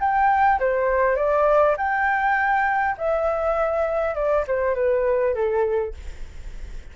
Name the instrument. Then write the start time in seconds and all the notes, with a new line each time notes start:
flute
0.00 G5
0.60 C5
1.16 D5
1.77 G5
2.98 E5
4.15 D5
4.47 C5
4.75 B4
5.35 A4